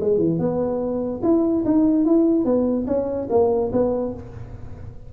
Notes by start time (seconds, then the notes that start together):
0.00 G#3
0.18 E3
0.38 B3
1.23 E4
1.65 D#4
2.05 E4
2.45 B3
2.87 C#4
3.30 A#3
3.72 B3